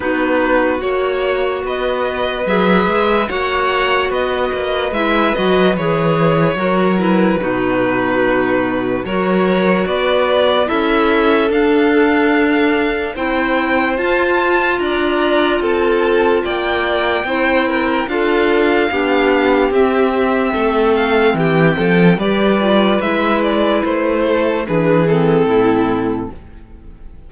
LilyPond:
<<
  \new Staff \with { instrumentName = "violin" } { \time 4/4 \tempo 4 = 73 b'4 cis''4 dis''4 e''4 | fis''4 dis''4 e''8 dis''8 cis''4~ | cis''8 b'2~ b'8 cis''4 | d''4 e''4 f''2 |
g''4 a''4 ais''4 a''4 | g''2 f''2 | e''4. f''8 g''4 d''4 | e''8 d''8 c''4 b'8 a'4. | }
  \new Staff \with { instrumentName = "violin" } { \time 4/4 fis'2 b'2 | cis''4 b'2. | ais'4 fis'2 ais'4 | b'4 a'2. |
c''2 d''4 a'4 | d''4 c''8 ais'8 a'4 g'4~ | g'4 a'4 g'8 a'8 b'4~ | b'4. a'8 gis'4 e'4 | }
  \new Staff \with { instrumentName = "clarinet" } { \time 4/4 dis'4 fis'2 gis'4 | fis'2 e'8 fis'8 gis'4 | fis'8 e'8 dis'2 fis'4~ | fis'4 e'4 d'2 |
e'4 f'2.~ | f'4 e'4 f'4 d'4 | c'2. g'8 f'8 | e'2 d'8 c'4. | }
  \new Staff \with { instrumentName = "cello" } { \time 4/4 b4 ais4 b4 fis8 gis8 | ais4 b8 ais8 gis8 fis8 e4 | fis4 b,2 fis4 | b4 cis'4 d'2 |
c'4 f'4 d'4 c'4 | ais4 c'4 d'4 b4 | c'4 a4 e8 f8 g4 | gis4 a4 e4 a,4 | }
>>